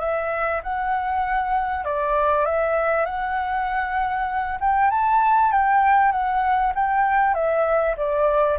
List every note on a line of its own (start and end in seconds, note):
0.00 0.61 E5
0.63 1.85 F#5
1.85 2.46 D5
2.46 3.06 E5
3.06 4.59 F#5
4.60 4.91 G5
4.91 5.52 A5
5.52 6.12 G5
6.12 6.73 F#5
6.75 7.34 G5
7.34 7.96 E5
7.97 8.58 D5